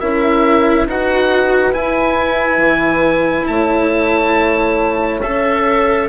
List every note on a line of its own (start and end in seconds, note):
0.00 0.87 C#4
0.00 0.88 E4
0.00 0.87 A#4
0.00 0.87 E5
0.87 1.74 D#4
0.87 1.72 F#4
0.87 3.48 B4
0.87 1.74 F#5
1.72 5.20 E4
1.72 2.57 E4
1.72 3.47 G#5
2.57 3.44 E3
3.47 5.22 A3
3.47 6.09 C#5
3.47 5.21 A5
5.21 6.09 C#4
5.21 6.09 A4
5.21 6.08 E5